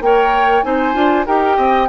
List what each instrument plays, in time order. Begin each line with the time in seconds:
0.00 bassoon A#3, clarinet A#4, oboe C#5, flute G5
0.63 bassoon C4, clarinet D#4, oboe C5, flute G#5
0.93 bassoon D4, clarinet F4
1.26 bassoon D#4, clarinet G4, oboe A#4, flute G5
1.57 bassoon C4, oboe D#5